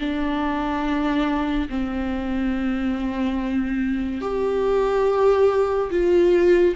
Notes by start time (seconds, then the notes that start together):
0.00 D4
1.70 C4
4.22 G4
5.91 F4